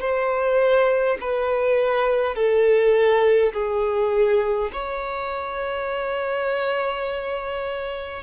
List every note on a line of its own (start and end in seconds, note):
0.00 1.18 C5
1.20 2.35 B4
2.35 3.52 A4
3.53 4.71 G#4
4.72 8.23 C#5